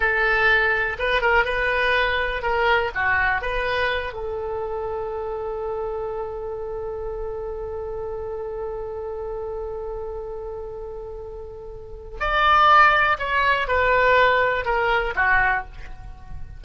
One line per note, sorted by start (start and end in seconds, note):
0.00 0.96 A4
0.98 1.21 B4
1.21 1.45 A#4
1.45 2.42 B4
2.42 2.91 A#4
2.94 3.41 F#4
3.41 4.13 B4
4.13 12.18 A4
12.20 13.17 D5
13.19 13.67 C#5
13.67 14.65 B4
14.65 15.14 A#4
15.15 15.64 F#4